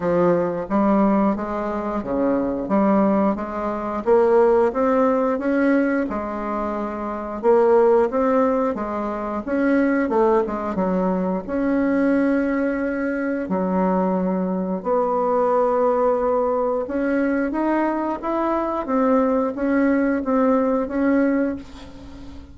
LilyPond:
\new Staff \with { instrumentName = "bassoon" } { \time 4/4 \tempo 4 = 89 f4 g4 gis4 cis4 | g4 gis4 ais4 c'4 | cis'4 gis2 ais4 | c'4 gis4 cis'4 a8 gis8 |
fis4 cis'2. | fis2 b2~ | b4 cis'4 dis'4 e'4 | c'4 cis'4 c'4 cis'4 | }